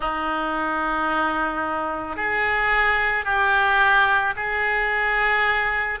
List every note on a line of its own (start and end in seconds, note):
0.00 2.16 D#4
2.16 3.24 G#4
3.24 4.33 G4
4.36 6.00 G#4